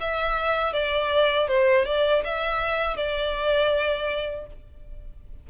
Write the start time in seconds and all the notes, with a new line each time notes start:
0.00 E5
0.73 D5
1.48 C5
1.85 D5
2.24 E5
2.97 D5